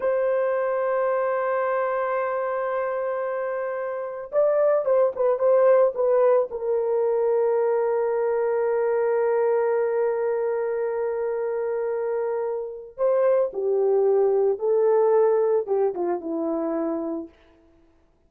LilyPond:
\new Staff \with { instrumentName = "horn" } { \time 4/4 \tempo 4 = 111 c''1~ | c''1 | d''4 c''8 b'8 c''4 b'4 | ais'1~ |
ais'1~ | ais'1 | c''4 g'2 a'4~ | a'4 g'8 f'8 e'2 | }